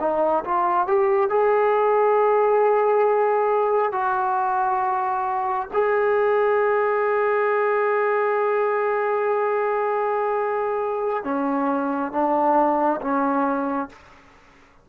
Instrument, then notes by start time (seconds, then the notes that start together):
trombone
0.00 D#4
0.45 F4
0.87 G4
1.30 G#4
3.92 F#4
5.73 G#4
11.24 C#4
12.12 D4
13.01 C#4